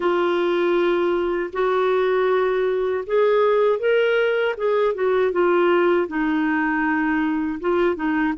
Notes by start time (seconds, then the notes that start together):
0.00 F4
1.52 F#4
3.06 G#4
3.79 A#4
4.57 G#4
4.94 F#4
5.32 F4
6.07 D#4
7.60 F4
7.95 D#4